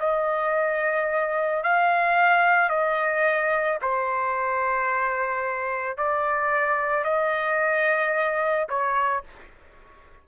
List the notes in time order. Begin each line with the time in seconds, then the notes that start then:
0.00 D#5
1.64 F5
2.70 D#5
3.82 C5
5.98 D5
7.05 D#5
8.69 C#5